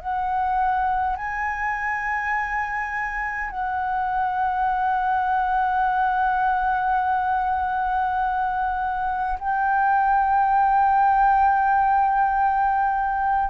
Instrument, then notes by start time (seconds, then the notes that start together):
flute
0.00 F#5
1.17 G#5
3.50 F#5
9.39 G5